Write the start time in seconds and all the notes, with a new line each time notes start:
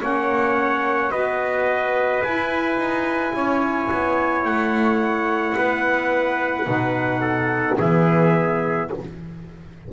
0.00 A#3 C#4 C#5 F#5
1.11 B3 F#4 B4 D#5
2.23 E4 G#5
2.77 D#4
3.34 C#4 C#5
3.91 B3
4.45 A3 F#5
5.57 B3 B4
6.66 B2 D#4
7.21 A4
7.78 E3 B3 G#4 E5